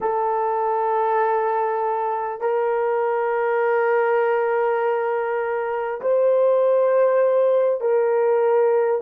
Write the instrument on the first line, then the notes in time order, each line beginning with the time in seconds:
horn
0.01 A4
2.40 A#4
6.01 C5
7.81 A#4